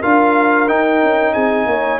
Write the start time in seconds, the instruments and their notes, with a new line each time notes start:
0.00 tuba D4, trombone F4, horn A#4, trumpet F5
0.67 trombone D#4, tuba D#4, trumpet G5
1.02 tuba C#4
1.33 tuba C4, horn G#4, trumpet G#5
1.65 tuba A#3, horn C#5